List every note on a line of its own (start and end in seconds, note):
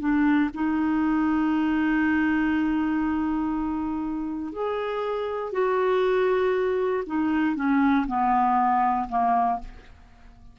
0.00 0.50 D4
0.54 4.52 D#4
4.52 5.53 G#4
5.53 7.04 F#4
7.06 7.56 D#4
7.56 8.06 C#4
8.07 9.08 B3
9.09 9.59 A#3